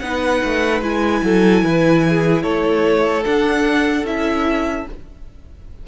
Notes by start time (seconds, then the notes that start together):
0.00 B3 D#4 B4 F#5
0.45 A3
0.82 G#3 E4 G#5
1.23 F#3 A4
1.64 E3 B4
2.09 G#4
2.43 A3 A4 C#5
3.25 D4 F#5
4.05 C#4 E4 E5